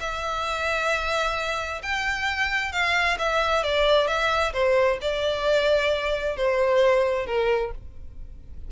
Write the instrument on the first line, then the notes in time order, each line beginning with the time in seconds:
violin
0.00 E5
1.83 G5
2.72 F5
3.19 E5
3.63 D5
4.07 E5
4.53 C5
5.01 D5
6.36 C5
7.26 A#4